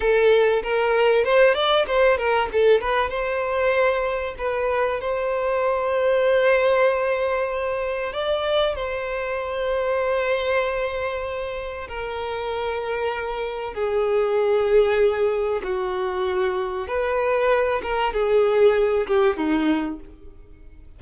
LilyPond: \new Staff \with { instrumentName = "violin" } { \time 4/4 \tempo 4 = 96 a'4 ais'4 c''8 d''8 c''8 ais'8 | a'8 b'8 c''2 b'4 | c''1~ | c''4 d''4 c''2~ |
c''2. ais'4~ | ais'2 gis'2~ | gis'4 fis'2 b'4~ | b'8 ais'8 gis'4. g'8 dis'4 | }